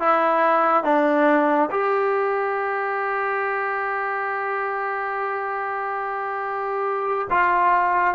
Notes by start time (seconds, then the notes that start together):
0.00 E4
0.84 D4
1.71 G4
7.31 F4